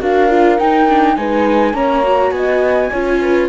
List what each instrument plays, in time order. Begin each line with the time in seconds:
0.00 cello D4, viola F#4, horn A#4, flute F5
0.29 viola F4
0.58 viola D#4, cello D#4, flute G5
0.89 viola D4
1.16 cello G#3, viola D#4, horn B4, flute G#5
1.74 cello A#3, viola C#4, horn C#5, flute A#5
2.03 viola F#4
2.31 cello B3, horn D#5, flute G#5
2.91 cello C#4, viola F4, horn C#5
3.22 horn B4